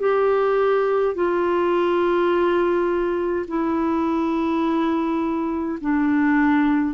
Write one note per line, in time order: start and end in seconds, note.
0.00 1.15 G4
1.15 3.46 F4
3.48 5.78 E4
5.81 6.94 D4